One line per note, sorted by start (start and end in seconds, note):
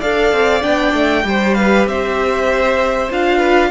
0.00 0.33 D4
0.00 0.62 A4
0.00 1.24 D5
0.00 0.63 F5
0.33 0.64 C4
0.62 0.94 B3
0.62 1.24 D4
0.62 1.55 G5
0.94 1.25 A3
1.24 1.86 G3
1.24 3.09 G4
1.24 1.58 C5
1.55 1.89 B4
1.55 1.86 F5
1.86 3.10 C4
1.86 3.38 C5
1.86 3.12 E5
3.11 3.72 D4
3.11 3.72 F4
3.11 3.72 F5
3.38 3.69 B4